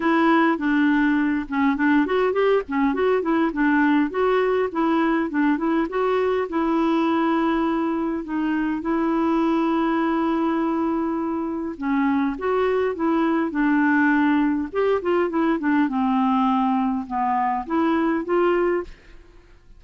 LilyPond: \new Staff \with { instrumentName = "clarinet" } { \time 4/4 \tempo 4 = 102 e'4 d'4. cis'8 d'8 fis'8 | g'8 cis'8 fis'8 e'8 d'4 fis'4 | e'4 d'8 e'8 fis'4 e'4~ | e'2 dis'4 e'4~ |
e'1 | cis'4 fis'4 e'4 d'4~ | d'4 g'8 f'8 e'8 d'8 c'4~ | c'4 b4 e'4 f'4 | }